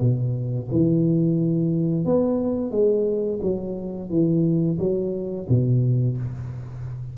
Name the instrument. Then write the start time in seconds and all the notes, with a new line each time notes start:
tuba
0.00 B2
0.72 E3
2.05 B3
2.71 G#3
3.42 F#3
4.10 E3
4.79 F#3
5.49 B2